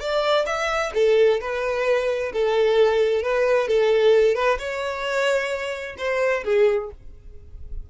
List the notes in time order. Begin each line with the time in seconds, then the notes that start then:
0.00 D5
0.46 E5
0.95 A4
1.41 B4
2.33 A4
3.23 B4
3.68 A4
4.35 B4
4.59 C#5
5.98 C5
6.45 G#4